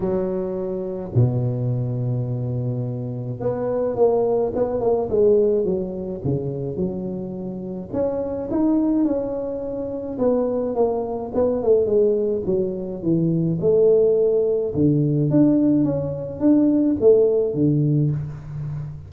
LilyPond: \new Staff \with { instrumentName = "tuba" } { \time 4/4 \tempo 4 = 106 fis2 b,2~ | b,2 b4 ais4 | b8 ais8 gis4 fis4 cis4 | fis2 cis'4 dis'4 |
cis'2 b4 ais4 | b8 a8 gis4 fis4 e4 | a2 d4 d'4 | cis'4 d'4 a4 d4 | }